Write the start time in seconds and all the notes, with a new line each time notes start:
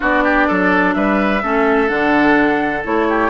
0.00 B3 D4 F#4 D5
0.23 G4
0.47 F#3 A4
0.94 G3 B4 E5
1.42 A3 C#4 A4
1.88 D3 D4 F#5
2.83 A3 E4 C#5
3.08 G4